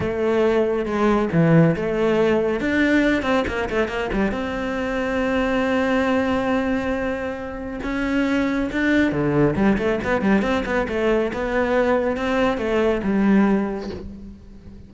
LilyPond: \new Staff \with { instrumentName = "cello" } { \time 4/4 \tempo 4 = 138 a2 gis4 e4 | a2 d'4. c'8 | ais8 a8 ais8 g8 c'2~ | c'1~ |
c'2 cis'2 | d'4 d4 g8 a8 b8 g8 | c'8 b8 a4 b2 | c'4 a4 g2 | }